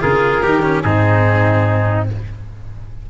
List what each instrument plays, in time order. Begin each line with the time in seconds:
0.00 tuba C#3, cello F4, trumpet G#4, oboe A#4
0.42 tuba D#3, cello D#4, trumpet G4
0.62 cello C#4
0.82 tuba G#2, cello C4, trumpet D#4, oboe G#4